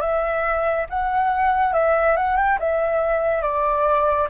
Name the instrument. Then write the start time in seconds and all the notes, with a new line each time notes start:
flute
0.00 E5
0.89 F#5
1.73 E5
2.16 F#5
2.36 G5
2.59 E5
3.42 D5